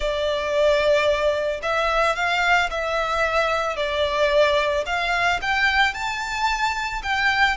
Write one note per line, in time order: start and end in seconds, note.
0.00 1.61 D5
1.62 2.15 E5
2.15 2.69 F5
2.70 3.76 E5
3.76 4.84 D5
4.86 5.40 F5
5.41 5.93 G5
5.93 7.01 A5
7.02 7.56 G5